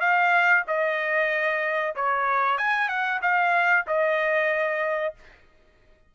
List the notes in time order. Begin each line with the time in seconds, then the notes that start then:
0.00 F5
0.67 D#5
1.96 C#5
2.58 G#5
2.88 F#5
3.22 F5
3.87 D#5